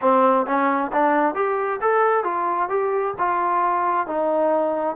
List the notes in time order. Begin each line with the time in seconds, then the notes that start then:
0.01 C4
0.46 C#4
0.92 D4
1.34 G4
1.81 A4
2.24 F4
2.69 G4
3.18 F4
4.06 D#4